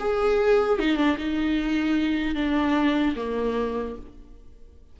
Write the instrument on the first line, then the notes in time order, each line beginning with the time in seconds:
viola
0.00 G#4
0.79 D#4
0.97 D4
1.18 D#4
2.35 D4
3.16 A#3